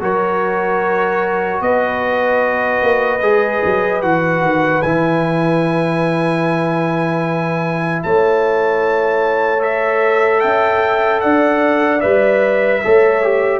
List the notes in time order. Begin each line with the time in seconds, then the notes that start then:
0.00 F#3 F#4 A#4 C#5
1.61 B3 B4 D#5
2.82 A#3
3.22 G#3 G#4
3.64 F#3
4.02 E3 F#4 F#5
4.42 D#3
4.82 E3 E4 G#5
8.03 A3 C#5 A5
9.59 A4 E5
10.40 C#4 E5 G5
11.20 D4 D5 F#5
12.01 G3 B4 E5
12.84 A3 A4 C#5
13.23 G4